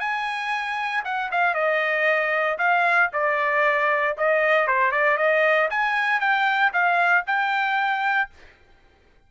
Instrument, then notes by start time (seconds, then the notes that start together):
trumpet
0.00 G#5
1.05 F#5
1.32 F5
1.54 D#5
2.58 F5
3.13 D5
4.18 D#5
4.68 C5
4.92 D5
5.18 D#5
5.70 G#5
6.20 G5
6.73 F5
7.26 G5